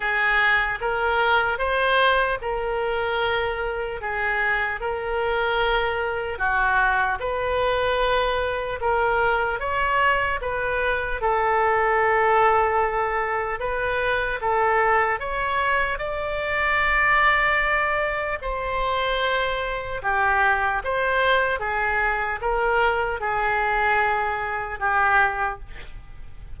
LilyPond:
\new Staff \with { instrumentName = "oboe" } { \time 4/4 \tempo 4 = 75 gis'4 ais'4 c''4 ais'4~ | ais'4 gis'4 ais'2 | fis'4 b'2 ais'4 | cis''4 b'4 a'2~ |
a'4 b'4 a'4 cis''4 | d''2. c''4~ | c''4 g'4 c''4 gis'4 | ais'4 gis'2 g'4 | }